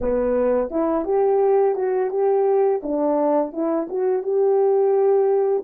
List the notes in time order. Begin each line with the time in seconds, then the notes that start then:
0.00 B3
0.70 E4
1.04 G4
1.75 F#4
2.10 G4
2.82 D4
3.52 E4
3.89 F#4
4.22 G4